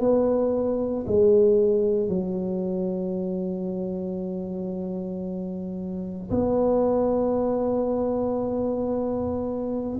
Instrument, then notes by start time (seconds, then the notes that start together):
tuba
0.00 B3
1.07 G#3
2.09 F#3
6.30 B3